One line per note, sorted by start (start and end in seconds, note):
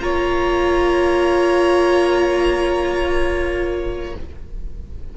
0.00 4.15 A#3
0.00 4.14 F4
0.00 4.17 C#5
0.00 4.15 A#5